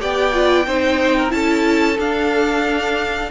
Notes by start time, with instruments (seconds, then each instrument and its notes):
0.00 cello B3, viola G4, violin D5 G5
0.33 viola F4
0.67 cello C4, viola D#4, violin C5
1.17 violin A#4
1.29 cello C#4, viola E4, violin A4 A5
1.99 cello D4, viola D4, violin F5